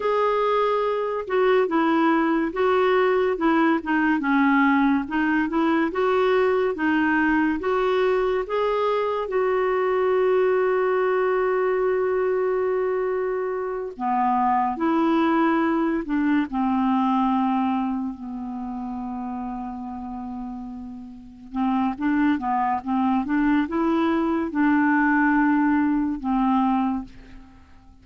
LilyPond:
\new Staff \with { instrumentName = "clarinet" } { \time 4/4 \tempo 4 = 71 gis'4. fis'8 e'4 fis'4 | e'8 dis'8 cis'4 dis'8 e'8 fis'4 | dis'4 fis'4 gis'4 fis'4~ | fis'1~ |
fis'8 b4 e'4. d'8 c'8~ | c'4. b2~ b8~ | b4. c'8 d'8 b8 c'8 d'8 | e'4 d'2 c'4 | }